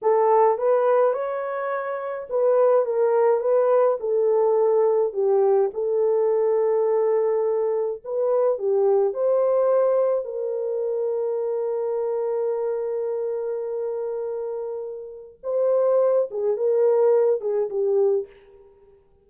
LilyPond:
\new Staff \with { instrumentName = "horn" } { \time 4/4 \tempo 4 = 105 a'4 b'4 cis''2 | b'4 ais'4 b'4 a'4~ | a'4 g'4 a'2~ | a'2 b'4 g'4 |
c''2 ais'2~ | ais'1~ | ais'2. c''4~ | c''8 gis'8 ais'4. gis'8 g'4 | }